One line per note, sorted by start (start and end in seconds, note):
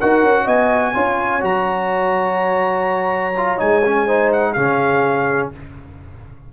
0.00 0.23 D#4
0.00 0.94 F#4
0.00 0.44 A#4
0.00 0.48 F#5
0.23 0.47 C#4
0.44 0.95 B3
0.44 0.92 D#5
0.44 1.44 G#5
0.94 1.43 C#4
0.94 1.41 F4
0.94 4.06 C#5
1.41 3.59 F#3
1.41 3.33 F#4
1.41 3.60 A#5
3.37 3.57 F4
3.57 4.56 G#3
3.57 3.81 D#4
3.57 4.32 G#5
3.85 4.08 C#4
4.06 4.56 D#4
4.06 4.54 C5
4.32 4.53 F#5
4.53 5.52 C#3
4.53 5.52 C#4
4.53 5.51 G#4
4.53 5.49 F5